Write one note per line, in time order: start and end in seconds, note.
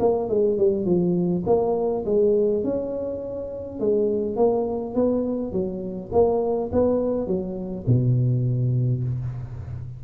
0.00 0.29 A#3
0.29 0.58 G#3
0.58 0.86 G3
0.86 1.44 F3
1.46 2.05 A#3
2.06 2.64 G#3
2.64 3.80 C#4
3.80 4.37 G#3
4.37 4.95 A#3
4.95 5.52 B3
5.52 6.11 F#3
6.12 6.71 A#3
6.72 7.27 B3
7.27 7.86 F#3
7.87 9.04 B2